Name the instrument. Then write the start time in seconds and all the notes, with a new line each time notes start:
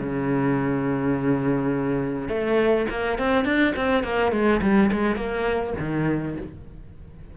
cello
0.00 C#3
2.29 A3
2.90 A#3
3.19 C4
3.45 D4
3.76 C4
4.04 A#3
4.32 G#3
4.62 G3
4.92 G#3
5.16 A#3
5.80 D#3